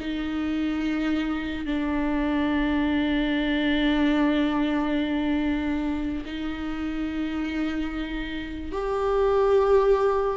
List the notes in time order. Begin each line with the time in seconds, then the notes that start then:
0.00 D#4
1.66 D4
6.25 D#4
8.72 G4